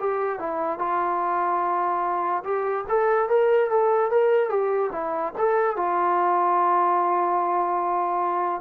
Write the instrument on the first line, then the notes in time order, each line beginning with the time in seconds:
trombone
0.00 G4
0.40 E4
0.80 F4
2.44 G4
2.89 A4
3.30 A#4
3.70 A4
4.11 A#4
4.50 G4
4.92 E4
5.38 A4
5.77 F4